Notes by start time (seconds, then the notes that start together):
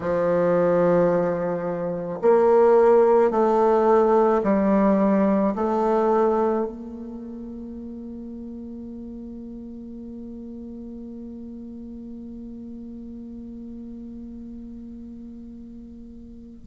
0.00 F3
2.21 A#3
3.30 A3
4.43 G3
5.55 A3
6.66 A#3